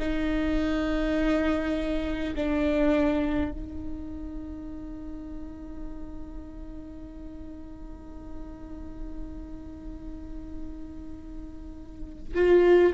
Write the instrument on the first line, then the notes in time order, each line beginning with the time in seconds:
viola
0.00 D#4
2.36 D4
3.52 D#4
12.35 F4